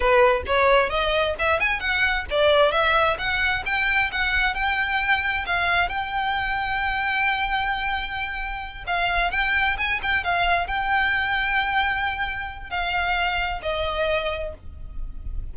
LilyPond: \new Staff \with { instrumentName = "violin" } { \time 4/4 \tempo 4 = 132 b'4 cis''4 dis''4 e''8 gis''8 | fis''4 d''4 e''4 fis''4 | g''4 fis''4 g''2 | f''4 g''2.~ |
g''2.~ g''8 f''8~ | f''8 g''4 gis''8 g''8 f''4 g''8~ | g''1 | f''2 dis''2 | }